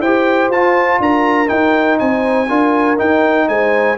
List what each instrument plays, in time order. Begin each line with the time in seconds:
0.00 tuba E4, trombone G4, horn C5, trumpet G5
0.49 tuba F4, trombone F4, trumpet A5
1.00 tuba D4, horn A#4, trumpet A#5
1.47 trombone D#4, tuba D#4, trumpet G5
1.99 tuba C4, horn C5, trumpet G#5
2.48 tuba D4, trombone F4, horn A#4
2.97 trombone D#4, tuba D#4, trumpet G5
3.48 tuba G#3, horn C5, trumpet G#5